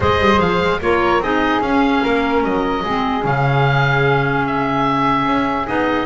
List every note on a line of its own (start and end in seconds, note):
0.00 0.19 G#3
0.00 0.81 G#4
0.00 0.79 C5
0.00 0.40 D#5
0.19 0.39 G3
0.40 0.60 F3
0.40 0.81 F5
0.60 0.80 G#3
0.81 1.19 A#3
0.81 1.22 F4
0.81 1.23 A#4
0.81 1.22 C#5
1.19 1.59 C4
1.19 1.62 D#4
1.19 2.03 G#4
1.19 1.62 D#5
1.60 2.01 C#4
1.60 2.84 C#4
1.60 2.43 F5
2.03 2.43 A#3
2.03 2.83 A#4
2.43 2.84 F#3
2.43 3.25 D#5
2.83 3.24 G#3
2.83 3.21 C4
2.83 6.06 G#4
3.21 5.26 C#3
3.21 5.65 C#4
3.21 4.46 F5
4.46 5.67 E5
5.26 5.66 C#4
5.66 6.06 B3
5.66 6.06 D#4
5.66 6.06 D#5